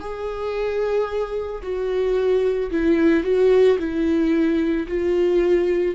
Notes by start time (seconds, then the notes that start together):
0.00 G#4
1.62 F#4
2.71 E4
3.24 F#4
3.79 E4
4.87 F4